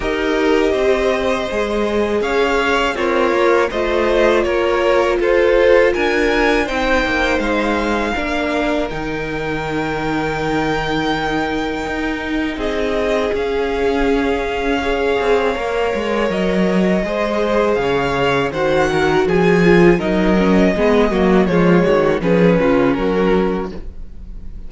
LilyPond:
<<
  \new Staff \with { instrumentName = "violin" } { \time 4/4 \tempo 4 = 81 dis''2. f''4 | cis''4 dis''4 cis''4 c''4 | gis''4 g''4 f''2 | g''1~ |
g''4 dis''4 f''2~ | f''2 dis''2 | f''4 fis''4 gis''4 dis''4~ | dis''4 cis''4 b'4 ais'4 | }
  \new Staff \with { instrumentName = "violin" } { \time 4/4 ais'4 c''2 cis''4 | f'4 c''4 ais'4 a'4 | ais'4 c''2 ais'4~ | ais'1~ |
ais'4 gis'2. | cis''2. c''4 | cis''4 c''8 ais'8 gis'4 ais'4 | gis'8 fis'8 f'8 fis'8 gis'8 f'8 fis'4 | }
  \new Staff \with { instrumentName = "viola" } { \time 4/4 g'2 gis'2 | ais'4 f'2.~ | f'4 dis'2 d'4 | dis'1~ |
dis'2 cis'2 | gis'4 ais'2 gis'4~ | gis'4 fis'4. f'8 dis'8 cis'8 | b8 ais8 gis4 cis'2 | }
  \new Staff \with { instrumentName = "cello" } { \time 4/4 dis'4 c'4 gis4 cis'4 | c'8 ais8 a4 ais4 f'4 | d'4 c'8 ais8 gis4 ais4 | dis1 |
dis'4 c'4 cis'2~ | cis'8 c'8 ais8 gis8 fis4 gis4 | cis4 dis4 f4 fis4 | gis8 fis8 f8 dis8 f8 cis8 fis4 | }
>>